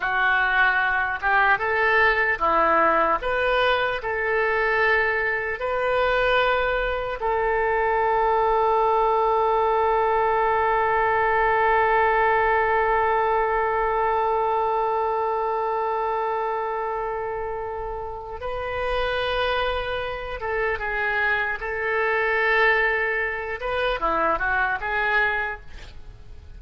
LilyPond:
\new Staff \with { instrumentName = "oboe" } { \time 4/4 \tempo 4 = 75 fis'4. g'8 a'4 e'4 | b'4 a'2 b'4~ | b'4 a'2.~ | a'1~ |
a'1~ | a'2. b'4~ | b'4. a'8 gis'4 a'4~ | a'4. b'8 e'8 fis'8 gis'4 | }